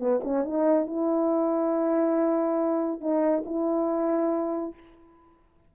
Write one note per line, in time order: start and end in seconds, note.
0.00 0.21 B3
0.24 0.45 C#4
0.45 0.87 D#4
0.87 3.01 E4
3.01 3.44 D#4
3.46 4.74 E4